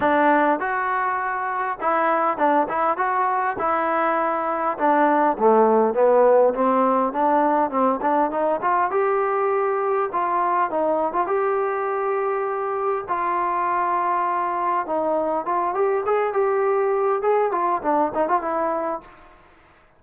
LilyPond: \new Staff \with { instrumentName = "trombone" } { \time 4/4 \tempo 4 = 101 d'4 fis'2 e'4 | d'8 e'8 fis'4 e'2 | d'4 a4 b4 c'4 | d'4 c'8 d'8 dis'8 f'8 g'4~ |
g'4 f'4 dis'8. f'16 g'4~ | g'2 f'2~ | f'4 dis'4 f'8 g'8 gis'8 g'8~ | g'4 gis'8 f'8 d'8 dis'16 f'16 e'4 | }